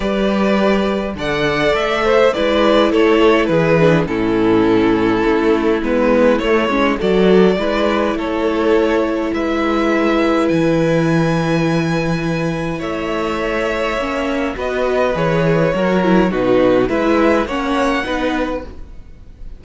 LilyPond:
<<
  \new Staff \with { instrumentName = "violin" } { \time 4/4 \tempo 4 = 103 d''2 fis''4 e''4 | d''4 cis''4 b'4 a'4~ | a'2 b'4 cis''4 | d''2 cis''2 |
e''2 gis''2~ | gis''2 e''2~ | e''4 dis''4 cis''2 | b'4 e''4 fis''2 | }
  \new Staff \with { instrumentName = "violin" } { \time 4/4 b'2 d''4. c''8 | b'4 a'4 gis'4 e'4~ | e'1 | a'4 b'4 a'2 |
b'1~ | b'2 cis''2~ | cis''4 b'2 ais'4 | fis'4 b'4 cis''4 b'4 | }
  \new Staff \with { instrumentName = "viola" } { \time 4/4 g'2 a'2 | e'2~ e'8 d'8 cis'4~ | cis'2 b4 a8 cis'8 | fis'4 e'2.~ |
e'1~ | e'1 | cis'4 fis'4 gis'4 fis'8 e'8 | dis'4 e'4 cis'4 dis'4 | }
  \new Staff \with { instrumentName = "cello" } { \time 4/4 g2 d4 a4 | gis4 a4 e4 a,4~ | a,4 a4 gis4 a8 gis8 | fis4 gis4 a2 |
gis2 e2~ | e2 a2 | ais4 b4 e4 fis4 | b,4 gis4 ais4 b4 | }
>>